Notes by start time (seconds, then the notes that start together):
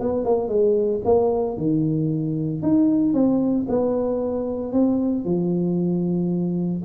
0.00 B3
0.25 A#3
0.48 G#3
1.05 A#3
1.57 D#3
2.62 D#4
3.14 C4
3.68 B3
4.72 C4
5.25 F3